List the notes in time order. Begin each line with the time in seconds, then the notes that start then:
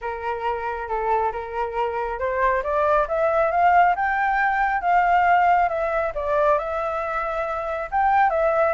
0.01 A#4
0.88 A4
1.32 A#4
2.19 C5
2.63 D5
3.08 E5
3.51 F5
3.95 G5
4.81 F5
5.68 E5
6.14 D5
6.58 E5
7.91 G5
8.30 E5